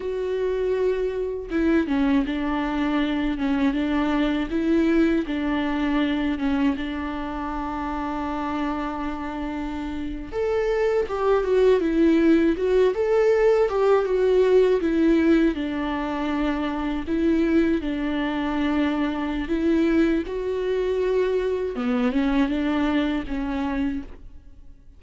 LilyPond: \new Staff \with { instrumentName = "viola" } { \time 4/4 \tempo 4 = 80 fis'2 e'8 cis'8 d'4~ | d'8 cis'8 d'4 e'4 d'4~ | d'8 cis'8 d'2.~ | d'4.~ d'16 a'4 g'8 fis'8 e'16~ |
e'8. fis'8 a'4 g'8 fis'4 e'16~ | e'8. d'2 e'4 d'16~ | d'2 e'4 fis'4~ | fis'4 b8 cis'8 d'4 cis'4 | }